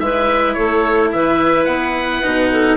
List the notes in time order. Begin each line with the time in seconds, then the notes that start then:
0.00 G#3 E4 B4 E5
0.54 A3 A4 C#5
1.12 E3 B4 E5
1.65 B3 F#5
2.23 B2 D#4
2.52 A4